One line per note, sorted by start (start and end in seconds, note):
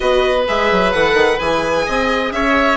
0.00 0.47 B3
0.00 0.42 F#4
0.00 1.86 B4
0.00 0.44 D#5
0.47 0.71 G#3
0.47 0.93 G#4
0.47 0.92 E5
0.71 0.94 F#3
0.92 1.14 E3
0.92 1.39 A4
0.92 1.38 F#5
1.14 1.37 D#3
1.38 1.86 E3
1.38 2.77 G#4
1.38 2.31 G#5
1.86 2.31 C4
1.86 2.32 D#5
2.31 2.77 C#4
2.31 2.77 C#5
2.31 2.77 E5